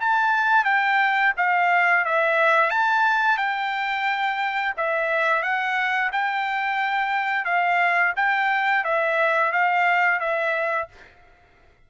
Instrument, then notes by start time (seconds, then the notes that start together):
trumpet
0.00 A5
0.64 G5
1.37 F5
2.05 E5
2.70 A5
3.37 G5
4.77 E5
5.42 F#5
6.12 G5
7.45 F5
8.16 G5
8.84 E5
9.52 F5
10.20 E5